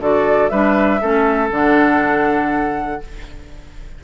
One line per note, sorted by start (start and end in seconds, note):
0.00 0.50 D3
0.00 0.51 F#4
0.00 0.51 A4
0.00 0.49 D5
0.49 1.01 G3
0.49 1.01 D4
0.49 1.01 B4
0.49 1.49 E5
1.01 1.51 A3
1.01 1.51 C#4
1.01 3.01 A4
1.51 3.01 D3
1.51 3.01 D4
1.51 3.04 F#5